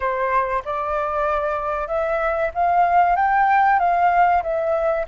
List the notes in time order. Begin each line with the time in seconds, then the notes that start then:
0.00 C5
0.65 D5
1.87 E5
2.54 F5
3.16 G5
3.79 F5
4.42 E5